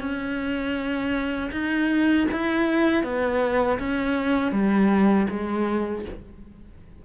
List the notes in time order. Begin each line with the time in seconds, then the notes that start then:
0.00 C#4
1.52 D#4
2.32 E4
3.03 B3
3.79 C#4
4.52 G3
5.30 G#3